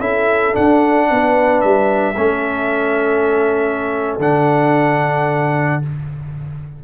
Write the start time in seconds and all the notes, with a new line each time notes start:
0.00 C#4 E4 A4 E5
0.53 D4 F#5
1.10 B3 B4
1.61 G3 E5
2.16 A3 C#4 A4
4.19 D3 D4 F#5